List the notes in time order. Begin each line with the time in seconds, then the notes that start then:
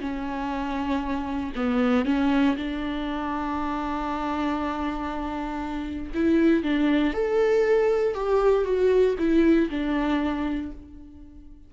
0.00 C#4
1.56 B3
2.05 C#4
2.57 D4
6.14 E4
6.63 D4
7.13 A4
8.14 G4
8.65 F#4
9.18 E4
9.70 D4